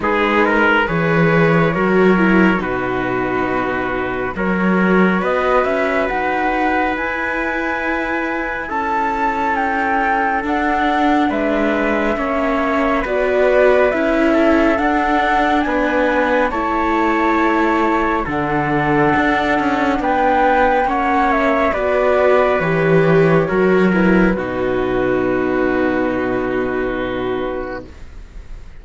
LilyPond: <<
  \new Staff \with { instrumentName = "flute" } { \time 4/4 \tempo 4 = 69 b'4 cis''2 b'4~ | b'4 cis''4 dis''8 e''8 fis''4 | gis''2 a''4 g''4 | fis''4 e''2 d''4 |
e''4 fis''4 gis''4 a''4~ | a''4 fis''2 g''4 | fis''8 e''8 d''4 cis''4. b'8~ | b'1 | }
  \new Staff \with { instrumentName = "trumpet" } { \time 4/4 gis'8 ais'8 b'4 ais'4 fis'4~ | fis'4 ais'4 b'2~ | b'2 a'2~ | a'4 b'4 cis''4 b'4~ |
b'8 a'4. b'4 cis''4~ | cis''4 a'2 b'4 | cis''4 b'2 ais'4 | fis'1 | }
  \new Staff \with { instrumentName = "viola" } { \time 4/4 dis'4 gis'4 fis'8 e'8 dis'4~ | dis'4 fis'2. | e'1 | d'2 cis'4 fis'4 |
e'4 d'2 e'4~ | e'4 d'2. | cis'4 fis'4 g'4 fis'8 e'8 | dis'1 | }
  \new Staff \with { instrumentName = "cello" } { \time 4/4 gis4 e4 fis4 b,4~ | b,4 fis4 b8 cis'8 dis'4 | e'2 cis'2 | d'4 gis4 ais4 b4 |
cis'4 d'4 b4 a4~ | a4 d4 d'8 cis'8 b4 | ais4 b4 e4 fis4 | b,1 | }
>>